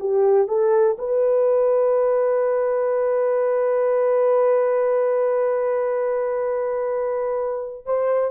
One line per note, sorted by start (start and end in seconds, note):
0.00 0.47 G4
0.47 0.97 A4
0.98 7.86 B4
7.86 8.31 C5